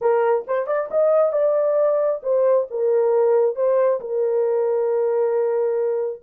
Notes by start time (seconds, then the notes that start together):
0.01 A#4
0.47 C5
0.66 D5
0.91 D#5
1.32 D5
2.22 C5
2.70 A#4
3.55 C5
4.00 A#4